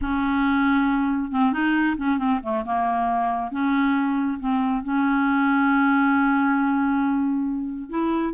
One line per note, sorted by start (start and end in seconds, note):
0.01 1.31 C#4
1.31 1.52 C4
1.52 1.96 D#4
1.97 2.18 C#4
2.18 2.40 C4
2.42 2.64 A3
2.65 3.51 A#3
3.51 4.38 C#4
4.39 4.83 C4
4.83 7.89 C#4
7.89 8.33 E4